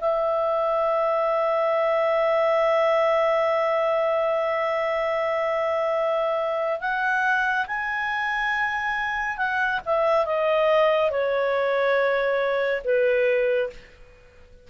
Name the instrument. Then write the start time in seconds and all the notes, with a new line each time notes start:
clarinet
0.00 E5
6.80 F#5
7.66 G#5
9.37 F#5
9.85 E5
10.25 D#5
11.10 C#5
12.84 B4